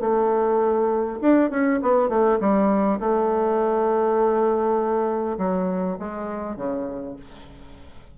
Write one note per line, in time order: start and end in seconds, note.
0.00 1.19 A3
1.21 1.50 D4
1.50 1.80 C#4
1.82 2.09 B3
2.09 2.38 A3
2.40 2.99 G3
3.00 5.37 A3
5.38 5.97 F#3
5.99 6.56 G#3
6.56 7.16 C#3